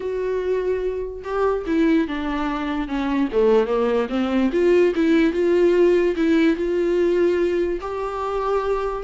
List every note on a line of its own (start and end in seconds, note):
0.00 1.22 F#4
1.23 1.65 G4
1.66 2.07 E4
2.07 2.87 D4
2.87 3.29 C#4
3.32 3.66 A3
3.66 4.08 A#3
4.09 4.50 C4
4.52 4.93 F4
4.95 5.32 E4
5.32 6.15 F4
6.16 6.56 E4
6.56 7.79 F4
7.80 9.03 G4